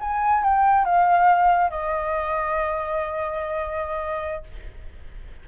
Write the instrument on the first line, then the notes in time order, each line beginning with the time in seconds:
flute
0.00 G#5
0.43 G5
0.84 F5
1.70 D#5